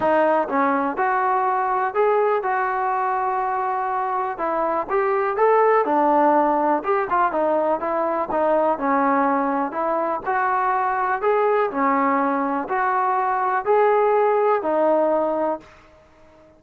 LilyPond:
\new Staff \with { instrumentName = "trombone" } { \time 4/4 \tempo 4 = 123 dis'4 cis'4 fis'2 | gis'4 fis'2.~ | fis'4 e'4 g'4 a'4 | d'2 g'8 f'8 dis'4 |
e'4 dis'4 cis'2 | e'4 fis'2 gis'4 | cis'2 fis'2 | gis'2 dis'2 | }